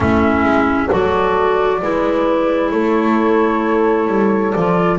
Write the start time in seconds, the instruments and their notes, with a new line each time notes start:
0.00 double bass A3, clarinet C#4, horn E4, flute E5
0.43 double bass G#3
0.88 double bass F#3, clarinet F#4, horn A4, flute D5
1.81 double bass G#3, clarinet E4, horn B4
2.70 double bass A3, horn A4, flute C#5
4.07 double bass G3
4.52 double bass F3, clarinet F4, flute D5